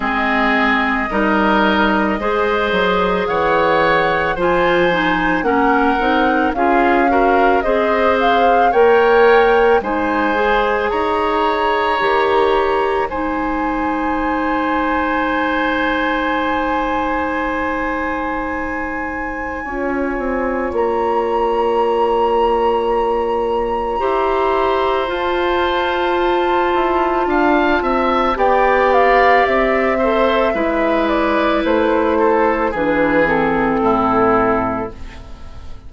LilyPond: <<
  \new Staff \with { instrumentName = "flute" } { \time 4/4 \tempo 4 = 55 dis''2. fis''4 | gis''4 fis''4 f''4 dis''8 f''8 | g''4 gis''4 ais''2 | gis''1~ |
gis''2. ais''4~ | ais''2. a''4~ | a''2 g''8 f''8 e''4~ | e''8 d''8 c''4 b'8 a'4. | }
  \new Staff \with { instrumentName = "oboe" } { \time 4/4 gis'4 ais'4 c''4 cis''4 | c''4 ais'4 gis'8 ais'8 c''4 | cis''4 c''4 cis''2 | c''1~ |
c''2 cis''2~ | cis''2 c''2~ | c''4 f''8 e''8 d''4. c''8 | b'4. a'8 gis'4 e'4 | }
  \new Staff \with { instrumentName = "clarinet" } { \time 4/4 c'4 dis'4 gis'2 | f'8 dis'8 cis'8 dis'8 f'8 fis'8 gis'4 | ais'4 dis'8 gis'4. g'4 | dis'1~ |
dis'2 f'2~ | f'2 g'4 f'4~ | f'2 g'4. a'8 | e'2 d'8 c'4. | }
  \new Staff \with { instrumentName = "bassoon" } { \time 4/4 gis4 g4 gis8 fis8 e4 | f4 ais8 c'8 cis'4 c'4 | ais4 gis4 dis'4 dis4 | gis1~ |
gis2 cis'8 c'8 ais4~ | ais2 e'4 f'4~ | f'8 e'8 d'8 c'8 b4 c'4 | gis4 a4 e4 a,4 | }
>>